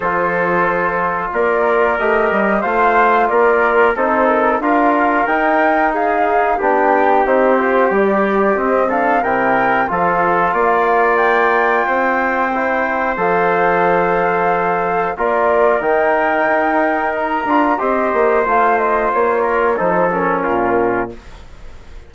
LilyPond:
<<
  \new Staff \with { instrumentName = "flute" } { \time 4/4 \tempo 4 = 91 c''2 d''4 dis''4 | f''4 d''4 c''8 ais'8 f''4 | g''4 f''4 g''4 c''4 | d''4 dis''8 f''8 g''4 f''4~ |
f''4 g''2. | f''2. d''4 | g''2 ais''4 dis''4 | f''8 dis''8 cis''4 c''8 ais'4. | }
  \new Staff \with { instrumentName = "trumpet" } { \time 4/4 a'2 ais'2 | c''4 ais'4 a'4 ais'4~ | ais'4 gis'4 g'2~ | g'4. a'8 ais'4 a'4 |
d''2 c''2~ | c''2. ais'4~ | ais'2. c''4~ | c''4. ais'8 a'4 f'4 | }
  \new Staff \with { instrumentName = "trombone" } { \time 4/4 f'2. g'4 | f'2 dis'4 f'4 | dis'2 d'4 dis'8 f'8 | g'4 c'8 d'8 e'4 f'4~ |
f'2. e'4 | a'2. f'4 | dis'2~ dis'8 f'8 g'4 | f'2 dis'8 cis'4. | }
  \new Staff \with { instrumentName = "bassoon" } { \time 4/4 f2 ais4 a8 g8 | a4 ais4 c'4 d'4 | dis'2 b4 c'4 | g4 c'4 c4 f4 |
ais2 c'2 | f2. ais4 | dis4 dis'4. d'8 c'8 ais8 | a4 ais4 f4 ais,4 | }
>>